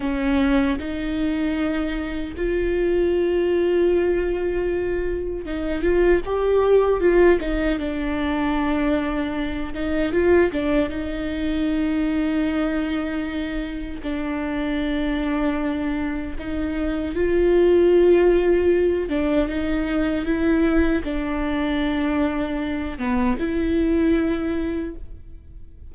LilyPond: \new Staff \with { instrumentName = "viola" } { \time 4/4 \tempo 4 = 77 cis'4 dis'2 f'4~ | f'2. dis'8 f'8 | g'4 f'8 dis'8 d'2~ | d'8 dis'8 f'8 d'8 dis'2~ |
dis'2 d'2~ | d'4 dis'4 f'2~ | f'8 d'8 dis'4 e'4 d'4~ | d'4. b8 e'2 | }